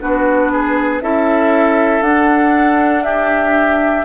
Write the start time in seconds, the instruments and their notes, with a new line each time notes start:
0.00 bassoon B3, clarinet D4, oboe F#4, flute B4
0.51 oboe G#4
1.01 bassoon C#4, clarinet E4, oboe A4, flute E5
2.01 bassoon D4, clarinet D4, flute F#5
3.03 oboe G4, flute E5